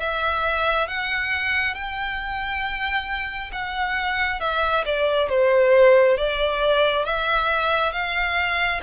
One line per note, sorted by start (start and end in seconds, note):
0.00 0.88 E5
0.88 1.75 F#5
1.75 3.51 G5
3.53 4.40 F#5
4.40 4.84 E5
4.86 5.29 D5
5.29 6.18 C5
6.18 7.05 D5
7.05 7.93 E5
7.93 8.81 F5